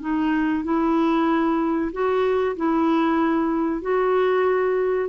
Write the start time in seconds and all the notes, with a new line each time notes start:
0.00 D#4
0.64 E4
1.92 F#4
2.56 E4
3.81 F#4